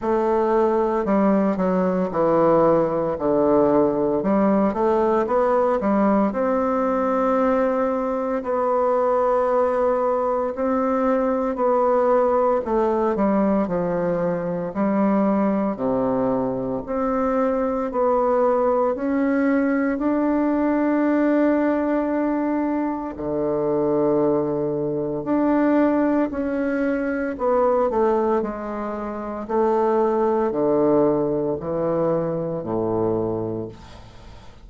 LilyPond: \new Staff \with { instrumentName = "bassoon" } { \time 4/4 \tempo 4 = 57 a4 g8 fis8 e4 d4 | g8 a8 b8 g8 c'2 | b2 c'4 b4 | a8 g8 f4 g4 c4 |
c'4 b4 cis'4 d'4~ | d'2 d2 | d'4 cis'4 b8 a8 gis4 | a4 d4 e4 a,4 | }